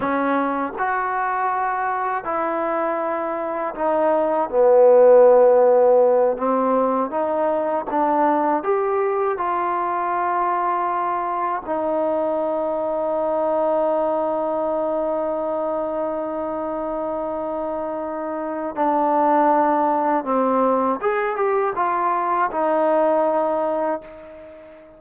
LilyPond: \new Staff \with { instrumentName = "trombone" } { \time 4/4 \tempo 4 = 80 cis'4 fis'2 e'4~ | e'4 dis'4 b2~ | b8 c'4 dis'4 d'4 g'8~ | g'8 f'2. dis'8~ |
dis'1~ | dis'1~ | dis'4 d'2 c'4 | gis'8 g'8 f'4 dis'2 | }